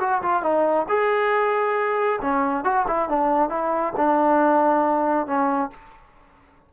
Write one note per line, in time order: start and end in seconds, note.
0.00 0.22 F#4
0.22 0.43 F4
0.43 0.86 D#4
0.89 2.20 G#4
2.21 2.64 C#4
2.64 2.86 F#4
2.88 3.09 E4
3.09 3.50 D4
3.50 3.94 E4
3.97 5.27 D4
5.27 5.70 C#4